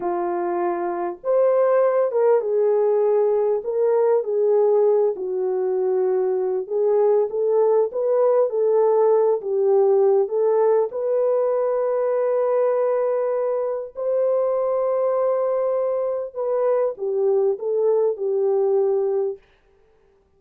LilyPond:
\new Staff \with { instrumentName = "horn" } { \time 4/4 \tempo 4 = 99 f'2 c''4. ais'8 | gis'2 ais'4 gis'4~ | gis'8 fis'2~ fis'8 gis'4 | a'4 b'4 a'4. g'8~ |
g'4 a'4 b'2~ | b'2. c''4~ | c''2. b'4 | g'4 a'4 g'2 | }